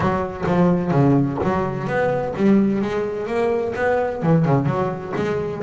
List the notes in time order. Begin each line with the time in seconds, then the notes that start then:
0.00 F#3
0.46 F3
0.91 C#3
1.43 F#3
1.87 B3
2.36 G3
2.81 G#3
3.26 A#3
3.75 B3
4.22 E3
4.45 C#3
4.65 F#3
5.16 G#3